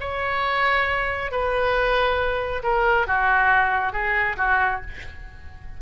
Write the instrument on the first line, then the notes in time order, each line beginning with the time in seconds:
oboe
0.00 C#5
1.31 B4
2.63 A#4
3.07 F#4
3.92 G#4
4.37 F#4